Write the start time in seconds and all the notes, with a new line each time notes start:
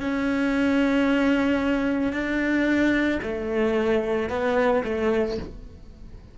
0.00 C#4
2.12 D4
3.22 A3
4.29 B3
4.84 A3